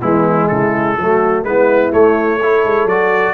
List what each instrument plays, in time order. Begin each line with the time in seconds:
0.00 tuba E3, trombone G#3, horn B3, trumpet E4
0.48 tuba C#3, horn E4, trumpet A4
0.97 tuba F#3, trombone A3, horn F#4
1.44 tuba G#3, trombone B3, horn E4, trumpet B4
1.92 trombone A3, tuba A3, trumpet C#5
2.39 trombone E4, horn A4
2.65 tuba G#3
2.85 tuba F#3, trombone F#4, trumpet D5